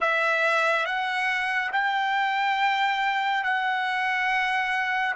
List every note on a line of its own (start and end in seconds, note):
0.00 0.85 E5
0.85 1.71 F#5
1.72 3.43 G5
3.43 5.14 F#5